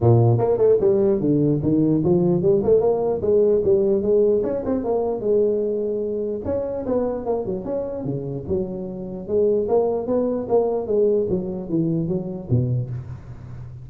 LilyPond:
\new Staff \with { instrumentName = "tuba" } { \time 4/4 \tempo 4 = 149 ais,4 ais8 a8 g4 d4 | dis4 f4 g8 a8 ais4 | gis4 g4 gis4 cis'8 c'8 | ais4 gis2. |
cis'4 b4 ais8 fis8 cis'4 | cis4 fis2 gis4 | ais4 b4 ais4 gis4 | fis4 e4 fis4 b,4 | }